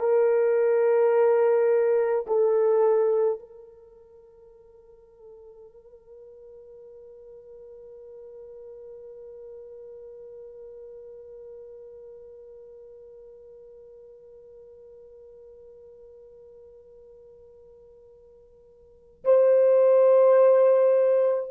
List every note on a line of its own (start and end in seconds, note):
0.00 2.26 A#4
2.27 3.39 A4
3.39 19.24 A#4
19.25 21.51 C5